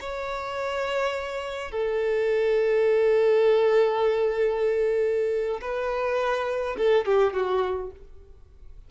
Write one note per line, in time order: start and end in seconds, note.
0.00 1.71 C#5
1.71 5.61 A4
5.61 6.76 B4
6.77 7.05 A4
7.05 7.33 G4
7.33 7.91 F#4